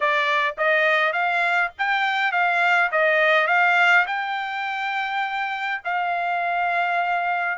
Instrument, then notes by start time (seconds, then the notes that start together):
trumpet
0.00 D5
0.57 D#5
1.12 F5
1.78 G5
2.32 F5
2.91 D#5
3.47 F5
4.06 G5
5.84 F5